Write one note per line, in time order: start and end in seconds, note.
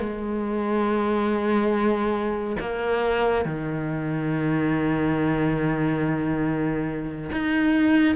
0.00 2.57 G#3
2.60 3.46 A#3
3.46 7.31 D#3
7.32 8.16 D#4